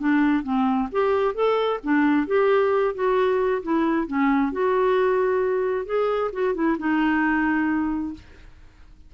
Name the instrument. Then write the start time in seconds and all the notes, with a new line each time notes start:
clarinet
0.00 D4
0.44 C4
0.92 G4
1.35 A4
1.84 D4
2.27 G4
2.95 F#4
3.63 E4
4.07 C#4
4.53 F#4
5.86 G#4
6.33 F#4
6.55 E4
6.79 D#4